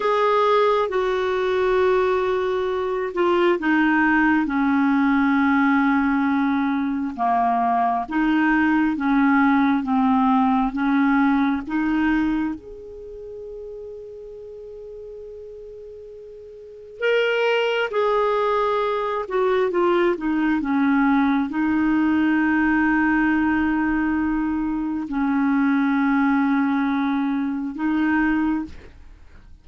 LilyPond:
\new Staff \with { instrumentName = "clarinet" } { \time 4/4 \tempo 4 = 67 gis'4 fis'2~ fis'8 f'8 | dis'4 cis'2. | ais4 dis'4 cis'4 c'4 | cis'4 dis'4 gis'2~ |
gis'2. ais'4 | gis'4. fis'8 f'8 dis'8 cis'4 | dis'1 | cis'2. dis'4 | }